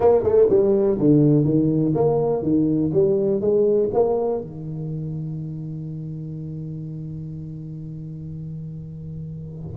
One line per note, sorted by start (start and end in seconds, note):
0.00 0.23 A#3
0.23 0.47 A3
0.49 0.98 G3
0.98 1.44 D3
1.44 1.93 D#3
1.94 2.42 A#3
2.42 2.91 D#3
2.93 3.40 G3
3.40 3.89 G#3
3.93 4.41 A#3
4.41 9.76 D#3